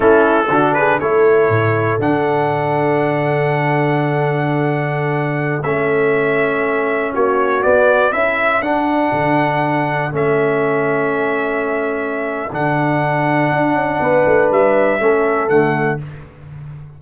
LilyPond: <<
  \new Staff \with { instrumentName = "trumpet" } { \time 4/4 \tempo 4 = 120 a'4. b'8 cis''2 | fis''1~ | fis''2.~ fis''16 e''8.~ | e''2~ e''16 cis''4 d''8.~ |
d''16 e''4 fis''2~ fis''8.~ | fis''16 e''2.~ e''8.~ | e''4 fis''2.~ | fis''4 e''2 fis''4 | }
  \new Staff \with { instrumentName = "horn" } { \time 4/4 e'4 fis'8 gis'8 a'2~ | a'1~ | a'1~ | a'2~ a'16 fis'4.~ fis'16~ |
fis'16 a'2.~ a'8.~ | a'1~ | a'1 | b'2 a'2 | }
  \new Staff \with { instrumentName = "trombone" } { \time 4/4 cis'4 d'4 e'2 | d'1~ | d'2.~ d'16 cis'8.~ | cis'2.~ cis'16 b8.~ |
b16 e'4 d'2~ d'8.~ | d'16 cis'2.~ cis'8.~ | cis'4 d'2.~ | d'2 cis'4 a4 | }
  \new Staff \with { instrumentName = "tuba" } { \time 4/4 a4 d4 a4 a,4 | d1~ | d2.~ d16 a8.~ | a2~ a16 ais4 b8.~ |
b16 cis'4 d'4 d4.~ d16~ | d16 a2.~ a8.~ | a4 d2 d'8 cis'8 | b8 a8 g4 a4 d4 | }
>>